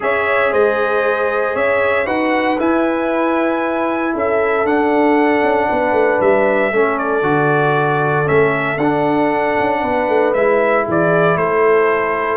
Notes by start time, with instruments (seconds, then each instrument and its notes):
0.00 tuba C#4, trombone G#4, horn C#5, trumpet E5
0.51 tuba G#3, horn C5, trumpet D#5
1.54 tuba C#4, horn C#5, trumpet E5
2.05 tuba D#4, trombone F#4, horn B4, trumpet F#5
2.58 trombone E4, tuba E4, trumpet G#5
4.13 tuba C#4, horn A4, trumpet E5
4.64 tuba D4, trombone D4, trumpet F#5
5.42 tuba C#4
5.69 tuba B3, horn B4
5.92 tuba A3
6.20 tuba G3, trumpet E5
6.72 tuba A3, trombone C#4, horn A4
6.98 trumpet D5
7.22 tuba D3, trombone F#4
8.25 tuba A3, trombone C#4, trumpet E5
8.77 tuba D4, trombone D4, trumpet F#5
9.60 tuba C#4
9.81 tuba B3, horn B4
10.08 tuba A3
10.33 tuba G#3, trombone E4, trumpet E5
10.85 tuba E3, horn G#4, trumpet D5
11.35 tuba A3, horn A4, trumpet C5